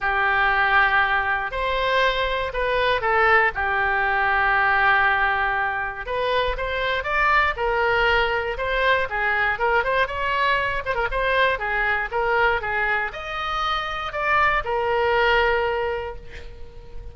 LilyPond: \new Staff \with { instrumentName = "oboe" } { \time 4/4 \tempo 4 = 119 g'2. c''4~ | c''4 b'4 a'4 g'4~ | g'1 | b'4 c''4 d''4 ais'4~ |
ais'4 c''4 gis'4 ais'8 c''8 | cis''4. c''16 ais'16 c''4 gis'4 | ais'4 gis'4 dis''2 | d''4 ais'2. | }